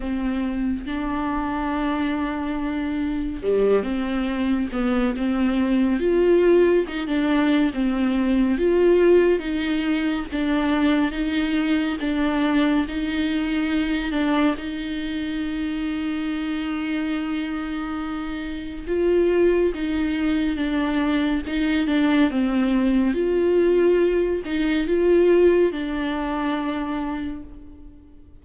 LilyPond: \new Staff \with { instrumentName = "viola" } { \time 4/4 \tempo 4 = 70 c'4 d'2. | g8 c'4 b8 c'4 f'4 | dis'16 d'8. c'4 f'4 dis'4 | d'4 dis'4 d'4 dis'4~ |
dis'8 d'8 dis'2.~ | dis'2 f'4 dis'4 | d'4 dis'8 d'8 c'4 f'4~ | f'8 dis'8 f'4 d'2 | }